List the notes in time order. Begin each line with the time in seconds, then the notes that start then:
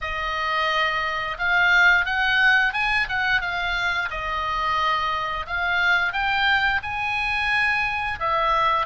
0.01 D#5
1.38 F5
2.05 F#5
2.73 G#5
3.08 F#5
3.41 F5
4.10 D#5
5.46 F5
6.12 G5
6.82 G#5
8.19 E5